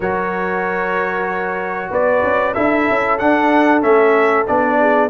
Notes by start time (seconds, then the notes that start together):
0.00 F#3 F#4 A#4 C#5
1.90 B3 B4 D5
2.22 C#4
2.53 D4 E4 A4 E5
2.90 C#4
3.18 D4 F#5
3.81 A3 C#4 E5
4.47 B3 D4 D5
4.80 G#4